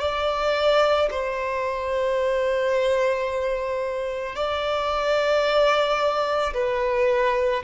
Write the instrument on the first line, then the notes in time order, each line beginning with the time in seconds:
violin
0.00 D5
1.11 C5
4.35 D5
6.54 B4